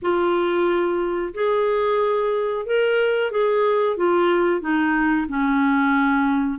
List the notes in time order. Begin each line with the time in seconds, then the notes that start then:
0.01 F4
1.34 G#4
2.66 A#4
3.31 G#4
3.97 F4
4.60 D#4
5.28 C#4